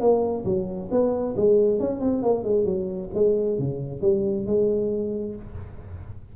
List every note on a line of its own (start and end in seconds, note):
0.00 0.44 A#3
0.45 0.89 F#3
0.91 1.35 B3
1.37 1.80 G#3
1.80 2.00 C#4
2.00 2.22 C4
2.23 2.44 A#3
2.44 2.65 G#3
2.65 3.09 F#3
3.14 3.58 G#3
3.58 4.01 C#3
4.01 4.46 G3
4.46 5.35 G#3